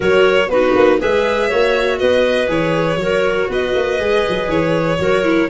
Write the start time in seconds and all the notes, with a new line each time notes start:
0.00 F#3 F#4 A#4 C#5
0.48 B3 D#4 F#4 B4
0.75 A#3
0.99 G#3 G#4 B4 E5
1.48 A#3 F#4 C#5
1.98 B3 B4 D#5
2.47 E3 G#4 C#5
2.96 F#3 F#4 A#4
3.48 B3 B4 D#5
3.75 A#3
3.99 G#3 G#4
4.28 F#3
4.48 E3 C#5
4.98 F#3 F#4 A#4
5.23 E4